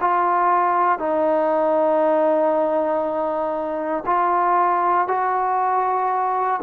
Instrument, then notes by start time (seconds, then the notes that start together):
trombone
0.00 F4
0.98 D#4
4.05 F4
5.08 F#4